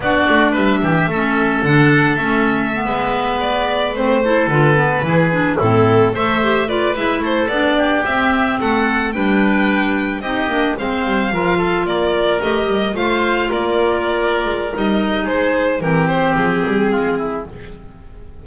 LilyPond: <<
  \new Staff \with { instrumentName = "violin" } { \time 4/4 \tempo 4 = 110 d''4 e''2 fis''4 | e''2~ e''16 d''4 c''8.~ | c''16 b'2 a'4 e''8.~ | e''16 d''8 e''8 c''8 d''4 e''4 fis''16~ |
fis''8. g''2 dis''4 f''16~ | f''4.~ f''16 d''4 dis''4 f''16~ | f''8. d''2~ d''16 dis''4 | c''4 ais'8 c''8 gis'2 | }
  \new Staff \with { instrumentName = "oboe" } { \time 4/4 fis'4 b'8 g'8 a'2~ | a'4~ a'16 b'2~ b'8 a'16~ | a'4~ a'16 gis'4 e'4 c''8.~ | c''16 b'4 a'4 g'4. a'16~ |
a'8. b'2 g'4 c''16~ | c''8. ais'8 a'8 ais'2 c''16~ | c''8. ais'2.~ ais'16 | gis'4 g'2 f'8 e'8 | }
  \new Staff \with { instrumentName = "clarinet" } { \time 4/4 d'2 cis'4 d'4 | cis'4 b2~ b16 c'8 e'16~ | e'16 f'8 b8 e'8 d'8 c'4 a'8 g'16~ | g'16 f'8 e'4 d'4 c'4~ c'16~ |
c'8. d'2 dis'8 d'8 c'16~ | c'8. f'2 g'4 f'16~ | f'2. dis'4~ | dis'4 c'2. | }
  \new Staff \with { instrumentName = "double bass" } { \time 4/4 b8 a8 g8 e8 a4 d4 | a4~ a16 gis2 a8.~ | a16 d4 e4 a,4 a8.~ | a8. gis8 a8 b4 c'4 a16~ |
a8. g2 c'8 ais8 gis16~ | gis16 g8 f4 ais4 a8 g8 a16~ | a8. ais4.~ ais16 gis8 g4 | gis4 e4 f8 g8 gis4 | }
>>